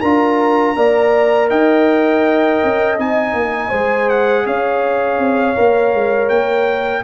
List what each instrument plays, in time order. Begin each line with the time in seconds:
0.00 tuba D4, trombone F4, horn A#4, trumpet A#5
0.76 tuba A#3, trombone A#4, horn D5
1.50 tuba D#4, horn D#5, trumpet G5
2.64 tuba C#4
2.98 tuba C4, trombone D#4, trumpet G#5
3.33 tuba A#3
3.69 tuba G#3, trombone G#4, horn C5
4.09 trumpet F#5
4.46 tuba C#4, horn C#5, trumpet F5
5.18 tuba C4
5.55 tuba A#3, trombone A#4
5.93 tuba G#3
6.29 tuba A#3, trumpet G5